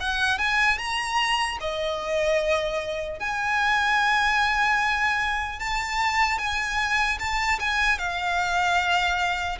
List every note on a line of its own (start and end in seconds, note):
0.00 0.39 F#5
0.39 0.78 G#5
0.78 1.58 A#5
1.61 3.20 D#5
3.20 5.60 G#5
5.60 6.39 A5
6.39 7.19 G#5
7.19 7.59 A5
7.60 7.99 G#5
7.99 9.59 F5